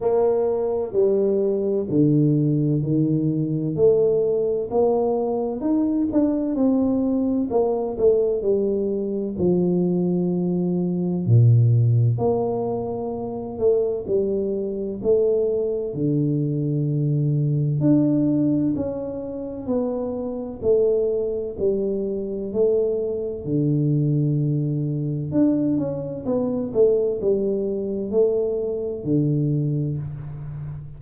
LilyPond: \new Staff \with { instrumentName = "tuba" } { \time 4/4 \tempo 4 = 64 ais4 g4 d4 dis4 | a4 ais4 dis'8 d'8 c'4 | ais8 a8 g4 f2 | ais,4 ais4. a8 g4 |
a4 d2 d'4 | cis'4 b4 a4 g4 | a4 d2 d'8 cis'8 | b8 a8 g4 a4 d4 | }